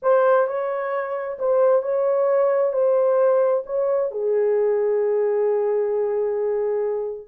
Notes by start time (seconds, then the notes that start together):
0.02 C5
0.47 C#5
1.39 C5
1.82 C#5
2.73 C5
3.65 C#5
4.11 G#4